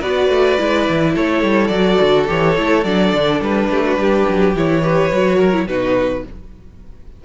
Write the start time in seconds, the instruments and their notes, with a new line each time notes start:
0.00 cello B3, viola F#4, violin B4 D5
0.29 cello A3
0.59 cello G#3, viola E4
0.89 cello E3
1.15 cello A3, violin A4 C#5
1.43 cello G3
1.68 cello F#3, violin D5
1.75 viola F#4
2.01 cello D3
2.28 cello E3, viola G4, violin C#5
2.56 cello A3, viola E4
2.85 cello F#3, viola D4, violin D5
3.13 cello D3
3.41 cello G3, violin B4
3.70 cello A3, violin G4
3.85 violin F#4
3.97 cello G3, violin G4
4.29 cello F#3
4.55 cello E3, viola E4, violin C#5
4.83 viola G4, violin B4
5.12 cello F#3, viola F#4
5.37 violin A#4
5.53 viola E4
5.67 cello B2, viola D#4, violin F#4 B4